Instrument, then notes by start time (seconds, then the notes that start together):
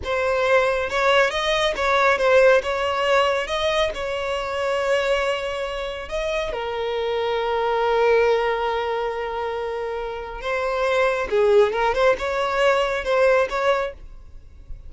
violin
0.04 C5
0.89 C#5
1.30 D#5
1.75 C#5
2.18 C5
2.63 C#5
3.47 D#5
3.94 C#5
6.08 D#5
6.52 A#4
10.41 C5
11.30 G#4
11.72 A#4
11.94 C5
12.18 C#5
13.04 C5
13.49 C#5